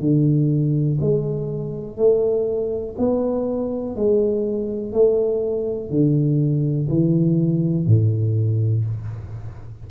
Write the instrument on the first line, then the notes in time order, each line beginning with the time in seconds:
tuba
0.00 D3
1.01 G#3
1.97 A3
2.98 B3
3.96 G#3
4.93 A3
5.90 D3
6.89 E3
7.86 A2